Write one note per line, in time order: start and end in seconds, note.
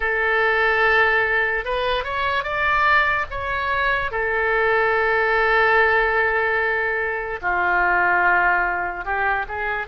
0.00 1.64 A4
1.64 2.04 B4
2.04 2.43 C#5
2.43 3.25 D5
3.30 4.11 C#5
4.11 7.40 A4
7.41 9.04 F4
9.04 9.45 G4
9.48 9.87 G#4